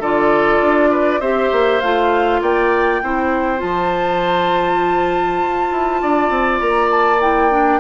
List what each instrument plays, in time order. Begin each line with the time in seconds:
0.00 bassoon D3, clarinet F4, oboe A4, flute D5
0.61 bassoon D4
0.91 oboe B4
1.21 bassoon C4, clarinet G4, oboe C5, flute E5
1.52 bassoon A#3
1.81 bassoon A3, clarinet F4, flute F5
2.42 bassoon A#3, oboe D5, flute G5
3.02 bassoon C4, clarinet E4, oboe C5
3.58 bassoon F3, clarinet F4, flute A5
5.42 bassoon F4
5.72 bassoon E4
6.02 bassoon D4, oboe D5
6.30 bassoon C4
6.61 bassoon A#3, flute A#5
6.91 flute A5
7.21 clarinet E4, flute G5
7.51 clarinet D4